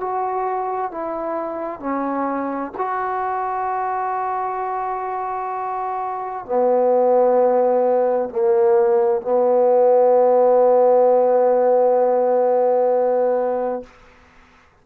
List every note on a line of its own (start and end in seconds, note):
0.00 0.91 F#4
0.91 1.80 E4
1.80 2.72 C#4
2.77 6.45 F#4
6.45 8.29 B3
8.29 9.21 A#3
9.21 13.83 B3